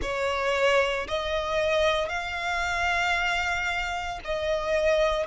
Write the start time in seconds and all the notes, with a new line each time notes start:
0.01 C#5
1.07 D#5
2.09 F5
4.24 D#5